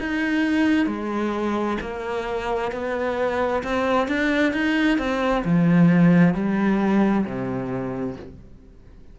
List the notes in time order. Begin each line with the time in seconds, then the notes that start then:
0.00 D#4
0.87 G#3
1.81 A#3
2.72 B3
3.64 C4
4.08 D4
4.53 D#4
4.98 C4
5.45 F3
6.34 G3
7.26 C3